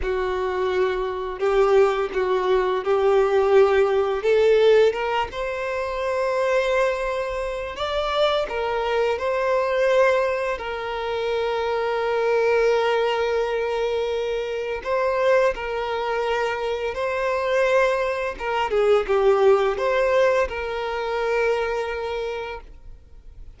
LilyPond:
\new Staff \with { instrumentName = "violin" } { \time 4/4 \tempo 4 = 85 fis'2 g'4 fis'4 | g'2 a'4 ais'8 c''8~ | c''2. d''4 | ais'4 c''2 ais'4~ |
ais'1~ | ais'4 c''4 ais'2 | c''2 ais'8 gis'8 g'4 | c''4 ais'2. | }